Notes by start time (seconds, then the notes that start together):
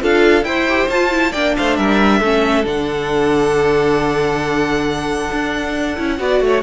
0.00 D4 F4 A4 F5
0.43 E4 C5 G5
0.68 G4
0.88 F4 A5
1.10 E4
1.31 A#3 D4 D5 G5
1.57 A3 C5 F5
1.76 G3 A#4 E5
2.19 A3 C#4 A4
2.64 D3 D4 F#5
5.32 D4
5.96 C#4 E4
6.18 B3 F#4 D5
6.40 A3 C#5